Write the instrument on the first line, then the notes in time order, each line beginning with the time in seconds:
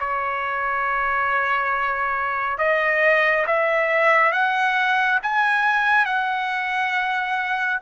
trumpet
0.00 C#5
2.59 D#5
3.47 E5
4.33 F#5
5.23 G#5
6.06 F#5